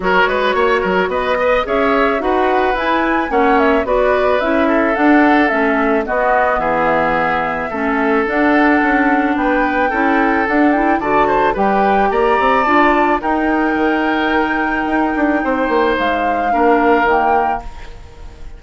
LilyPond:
<<
  \new Staff \with { instrumentName = "flute" } { \time 4/4 \tempo 4 = 109 cis''2 dis''4 e''4 | fis''4 gis''4 fis''8 e''8 d''4 | e''4 fis''4 e''4 dis''4 | e''2. fis''4~ |
fis''4 g''2 fis''8 g''8 | a''4 g''4 ais''4 a''4 | g''1~ | g''4 f''2 g''4 | }
  \new Staff \with { instrumentName = "oboe" } { \time 4/4 ais'8 b'8 cis''8 ais'8 b'8 dis''8 cis''4 | b'2 cis''4 b'4~ | b'8 a'2~ a'8 fis'4 | gis'2 a'2~ |
a'4 b'4 a'2 | d''8 c''8 b'4 d''2 | ais'1 | c''2 ais'2 | }
  \new Staff \with { instrumentName = "clarinet" } { \time 4/4 fis'2~ fis'8 b'8 gis'4 | fis'4 e'4 cis'4 fis'4 | e'4 d'4 cis'4 b4~ | b2 cis'4 d'4~ |
d'2 e'4 d'8 e'8 | fis'4 g'2 f'4 | dis'1~ | dis'2 d'4 ais4 | }
  \new Staff \with { instrumentName = "bassoon" } { \time 4/4 fis8 gis8 ais8 fis8 b4 cis'4 | dis'4 e'4 ais4 b4 | cis'4 d'4 a4 b4 | e2 a4 d'4 |
cis'4 b4 cis'4 d'4 | d4 g4 ais8 c'8 d'4 | dis'4 dis2 dis'8 d'8 | c'8 ais8 gis4 ais4 dis4 | }
>>